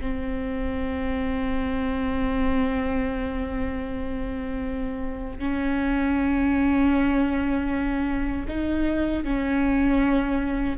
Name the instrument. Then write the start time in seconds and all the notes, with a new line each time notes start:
viola
0.00 C4
5.38 C#4
8.48 D#4
9.24 C#4